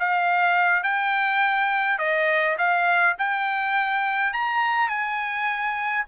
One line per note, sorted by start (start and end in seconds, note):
0.00 0.83 F5
0.83 1.99 G5
1.99 2.57 D#5
2.58 3.16 F5
3.19 4.33 G5
4.33 4.89 A#5
4.89 6.05 G#5